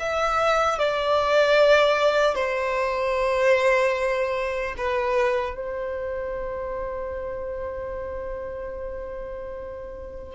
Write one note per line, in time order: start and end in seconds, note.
0.00 0.79 E5
0.79 2.36 D5
2.36 4.76 C5
4.78 5.56 B4
5.56 10.36 C5